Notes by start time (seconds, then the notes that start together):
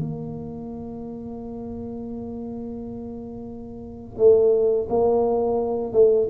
0.00 A#3
4.18 A3
4.90 A#3
5.93 A3